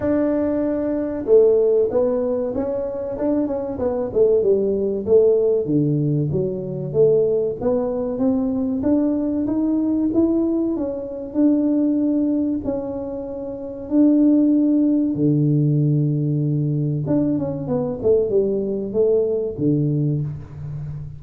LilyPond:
\new Staff \with { instrumentName = "tuba" } { \time 4/4 \tempo 4 = 95 d'2 a4 b4 | cis'4 d'8 cis'8 b8 a8 g4 | a4 d4 fis4 a4 | b4 c'4 d'4 dis'4 |
e'4 cis'4 d'2 | cis'2 d'2 | d2. d'8 cis'8 | b8 a8 g4 a4 d4 | }